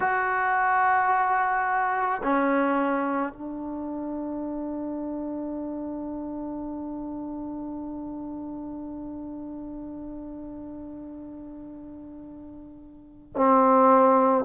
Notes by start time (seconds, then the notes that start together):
0.00 F#4
2.23 C#4
3.32 D4
13.35 C4